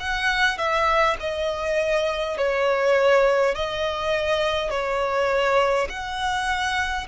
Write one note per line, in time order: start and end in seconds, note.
0.00 0.58 F#5
0.58 1.17 E5
1.20 2.38 D#5
2.38 3.56 C#5
3.56 4.71 D#5
4.71 5.88 C#5
5.90 7.07 F#5